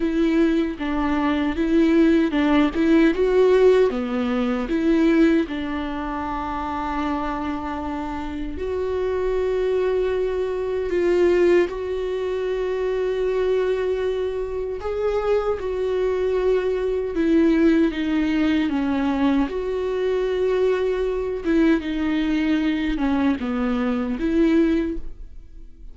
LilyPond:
\new Staff \with { instrumentName = "viola" } { \time 4/4 \tempo 4 = 77 e'4 d'4 e'4 d'8 e'8 | fis'4 b4 e'4 d'4~ | d'2. fis'4~ | fis'2 f'4 fis'4~ |
fis'2. gis'4 | fis'2 e'4 dis'4 | cis'4 fis'2~ fis'8 e'8 | dis'4. cis'8 b4 e'4 | }